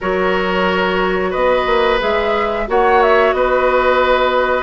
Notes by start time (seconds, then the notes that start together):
0.00 F#3 F#4 A#4 C#5
1.30 B3 B4 D#5
1.66 A#3
2.00 G#3 G#4 E5
2.67 A#3 F#4 C#5 F#5
3.02 E5
3.32 B3 B4 D#5